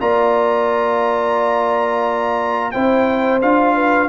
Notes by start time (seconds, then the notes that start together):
0.00 A#3 F4 D5 A#5
2.71 C4 E4 C5 G5
3.42 D4 F4 F5
3.75 B4